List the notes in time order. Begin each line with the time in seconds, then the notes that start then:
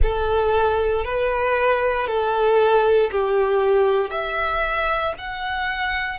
0.02 A4
1.04 B4
2.07 A4
3.11 G4
4.10 E5
5.18 F#5